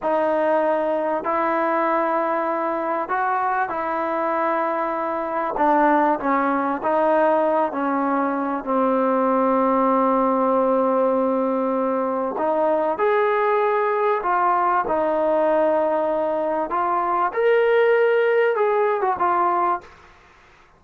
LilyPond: \new Staff \with { instrumentName = "trombone" } { \time 4/4 \tempo 4 = 97 dis'2 e'2~ | e'4 fis'4 e'2~ | e'4 d'4 cis'4 dis'4~ | dis'8 cis'4. c'2~ |
c'1 | dis'4 gis'2 f'4 | dis'2. f'4 | ais'2 gis'8. fis'16 f'4 | }